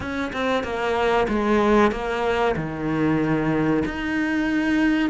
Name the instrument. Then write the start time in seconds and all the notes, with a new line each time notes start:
cello
0.00 C#4
0.32 C4
0.63 A#3
1.28 G#3
1.91 A#3
2.56 D#3
3.85 D#4